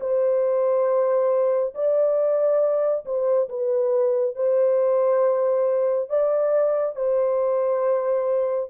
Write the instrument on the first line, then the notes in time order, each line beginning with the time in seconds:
horn
0.00 C5
1.75 D5
3.06 C5
3.49 B4
4.36 C5
6.09 D5
6.96 C5